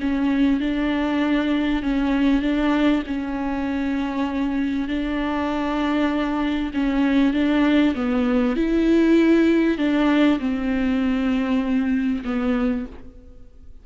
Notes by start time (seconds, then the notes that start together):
0.00 C#4
0.60 D4
1.82 C#4
2.42 D4
3.06 C#4
4.88 D4
6.74 C#4
7.33 D4
7.95 B3
8.56 E4
9.78 D4
10.39 C4
12.24 B3